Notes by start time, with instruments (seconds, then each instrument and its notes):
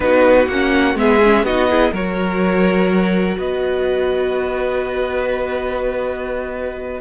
0.00 cello B3, viola D#4, violin F#4 B4
0.47 cello A#3, viola C#4, violin F#5
0.94 cello G#3, viola B3, violin E5
1.00 violin G#4
1.23 viola C#4
1.43 cello B3, viola D#4, violin F#4 D#5
1.68 viola E4, violin G#4
1.92 cello F#3, viola F#4, violin A#4 C#5
3.37 cello B3, violin B4 D#5